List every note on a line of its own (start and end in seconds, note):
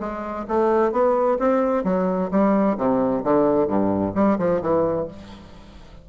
0.00 0.46 G#3
0.48 0.92 A3
0.92 1.38 B3
1.39 1.84 C4
1.84 2.30 F#3
2.31 2.77 G3
2.78 3.24 C3
3.24 3.68 D3
3.68 4.14 G2
4.15 4.38 G3
4.38 4.62 F3
4.62 5.08 E3